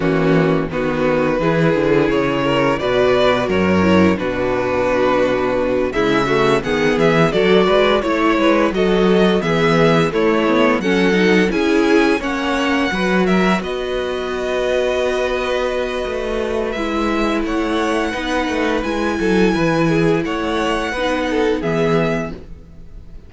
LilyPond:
<<
  \new Staff \with { instrumentName = "violin" } { \time 4/4 \tempo 4 = 86 fis'4 b'2 cis''4 | d''4 cis''4 b'2~ | b'8 e''4 fis''8 e''8 d''4 cis''8~ | cis''8 dis''4 e''4 cis''4 fis''8~ |
fis''8 gis''4 fis''4. e''8 dis''8~ | dis''1 | e''4 fis''2 gis''4~ | gis''4 fis''2 e''4 | }
  \new Staff \with { instrumentName = "violin" } { \time 4/4 cis'4 fis'4 gis'4. ais'8 | b'4 ais'4 fis'2~ | fis'8 e'8 fis'8 gis'4 a'8 b'8 cis''8 | b'8 a'4 gis'4 e'4 a'8~ |
a'8 gis'4 cis''4 b'8 ais'8 b'8~ | b'1~ | b'4 cis''4 b'4. a'8 | b'8 gis'8 cis''4 b'8 a'8 gis'4 | }
  \new Staff \with { instrumentName = "viola" } { \time 4/4 ais4 b4 e'2 | fis'4. e'8 d'2~ | d'8 gis8 a8 b4 fis'4 e'8~ | e'8 fis'4 b4 a8 b8 cis'8 |
dis'8 e'4 cis'4 fis'4.~ | fis'1 | e'2 dis'4 e'4~ | e'2 dis'4 b4 | }
  \new Staff \with { instrumentName = "cello" } { \time 4/4 e4 dis4 e8 d8 cis4 | b,4 fis,4 b,2~ | b,8 cis4 dis8 e8 fis8 gis8 a8 | gis8 fis4 e4 a4 fis8~ |
fis8 cis'4 ais4 fis4 b8~ | b2. a4 | gis4 a4 b8 a8 gis8 fis8 | e4 a4 b4 e4 | }
>>